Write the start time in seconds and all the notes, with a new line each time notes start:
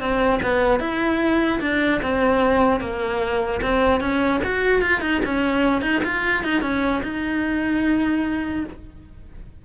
0.00 C4
0.42 B3
0.80 E4
1.61 D4
2.02 C4
2.80 A#3
3.62 C4
4.00 C#4
4.44 F#4
4.82 F4
5.01 D#4
5.25 C#4
5.82 D#4
6.04 F4
6.44 D#4
6.62 C#4
7.03 D#4